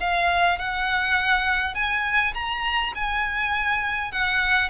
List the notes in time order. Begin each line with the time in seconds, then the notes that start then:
0.00 F5
0.58 F#5
1.74 G#5
2.34 A#5
2.95 G#5
4.11 F#5